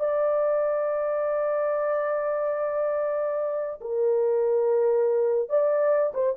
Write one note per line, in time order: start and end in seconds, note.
0.00 3.80 D5
3.81 5.50 A#4
5.50 6.13 D5
6.14 6.35 C5